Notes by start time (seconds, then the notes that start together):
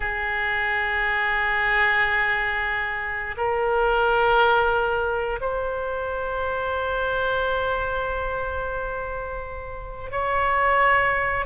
0.00 G#4
3.37 A#4
5.41 C5
10.11 C#5